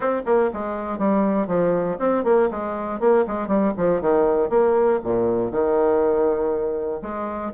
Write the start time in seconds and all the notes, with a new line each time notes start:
0.00 C4
0.25 A#3
0.53 G#3
0.98 G3
1.47 F3
1.99 C4
2.24 A#3
2.50 G#3
3.00 A#3
3.27 G#3
3.47 G3
3.77 F3
4.01 D#3
4.49 A#3
5.03 A#2
5.51 D#3
7.02 G#3